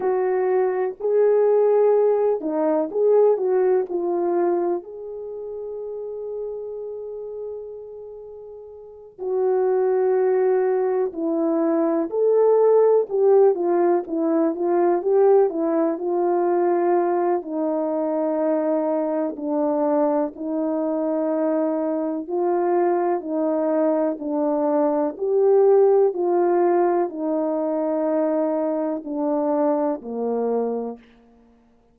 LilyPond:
\new Staff \with { instrumentName = "horn" } { \time 4/4 \tempo 4 = 62 fis'4 gis'4. dis'8 gis'8 fis'8 | f'4 gis'2.~ | gis'4. fis'2 e'8~ | e'8 a'4 g'8 f'8 e'8 f'8 g'8 |
e'8 f'4. dis'2 | d'4 dis'2 f'4 | dis'4 d'4 g'4 f'4 | dis'2 d'4 ais4 | }